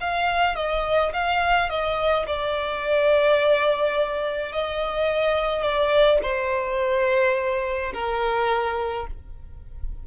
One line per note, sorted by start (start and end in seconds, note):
0.00 0.56 F5
0.56 1.12 D#5
1.13 1.69 F5
1.69 2.25 D#5
2.26 4.52 D5
4.52 5.62 D#5
5.62 6.19 D5
6.22 7.92 C5
7.93 9.06 A#4